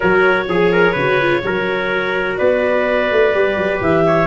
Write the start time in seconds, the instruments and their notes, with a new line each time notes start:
0.00 tuba F#3, viola F#4, trumpet A#4, clarinet C#5
0.47 tuba F3, trumpet G#4, viola G#4
0.72 trumpet A#4
0.92 tuba C#3, viola F#4, trumpet B4
1.21 viola F4
1.42 tuba F#3, viola F#4, trumpet A#4
2.37 tuba B3, trumpet B4, clarinet D5
3.11 tuba A3
3.33 tuba G3, viola G4
3.56 tuba F#3
3.81 tuba E3, clarinet E5
4.06 trumpet C#5